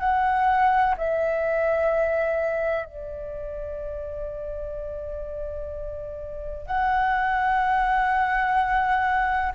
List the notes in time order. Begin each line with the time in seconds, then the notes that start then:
0.00 F#5
0.98 E5
2.86 D5
6.67 F#5